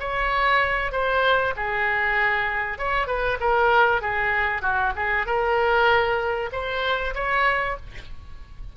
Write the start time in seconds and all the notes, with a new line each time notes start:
0.00 C#5
0.92 C5
1.57 G#4
2.78 C#5
3.08 B4
3.40 A#4
4.02 G#4
4.63 F#4
4.96 G#4
5.27 A#4
6.53 C5
7.15 C#5